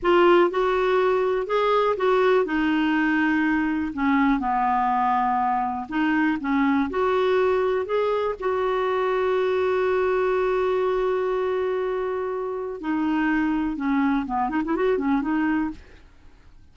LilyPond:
\new Staff \with { instrumentName = "clarinet" } { \time 4/4 \tempo 4 = 122 f'4 fis'2 gis'4 | fis'4 dis'2. | cis'4 b2. | dis'4 cis'4 fis'2 |
gis'4 fis'2.~ | fis'1~ | fis'2 dis'2 | cis'4 b8 dis'16 e'16 fis'8 cis'8 dis'4 | }